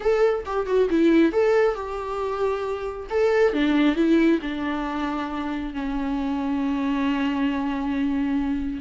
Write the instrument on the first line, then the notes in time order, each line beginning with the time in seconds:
viola
0.00 A4
0.45 G4
0.66 F#4
0.90 E4
1.32 A4
1.74 G4
3.10 A4
3.53 D4
3.95 E4
4.41 D4
5.73 C#4